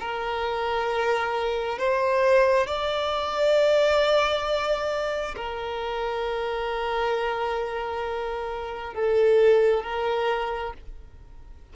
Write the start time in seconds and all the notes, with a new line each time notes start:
0.00 A#4
1.79 C5
2.67 D5
5.36 A#4
8.94 A4
9.84 A#4